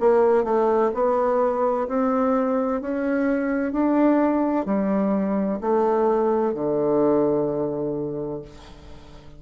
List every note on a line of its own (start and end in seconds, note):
0.00 0.44 A#3
0.44 0.91 A3
0.94 1.88 B3
1.88 2.81 C4
2.81 3.72 C#4
3.72 4.65 D4
4.65 5.59 G3
5.61 6.54 A3
6.54 8.42 D3